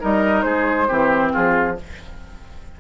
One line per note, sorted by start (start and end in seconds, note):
0.00 0.44 G3
0.00 0.87 D#4
0.00 0.45 A#4
0.00 0.42 D#5
0.42 0.89 G#3
0.42 0.88 G#4
0.42 1.30 C5
0.87 1.35 E3
0.87 1.76 C4
0.87 1.32 G4
1.33 1.80 F3
1.33 1.77 F4
1.33 1.78 G#4